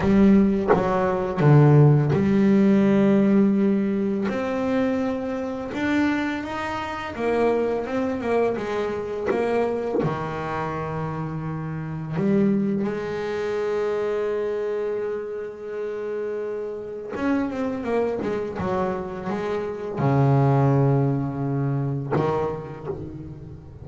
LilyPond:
\new Staff \with { instrumentName = "double bass" } { \time 4/4 \tempo 4 = 84 g4 fis4 d4 g4~ | g2 c'2 | d'4 dis'4 ais4 c'8 ais8 | gis4 ais4 dis2~ |
dis4 g4 gis2~ | gis1 | cis'8 c'8 ais8 gis8 fis4 gis4 | cis2. dis4 | }